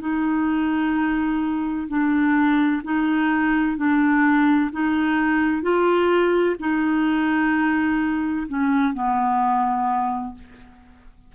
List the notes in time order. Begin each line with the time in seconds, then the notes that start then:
0.00 D#4
1.87 D4
2.83 D#4
3.77 D4
4.71 D#4
5.62 F4
6.59 D#4
8.47 C#4
8.94 B3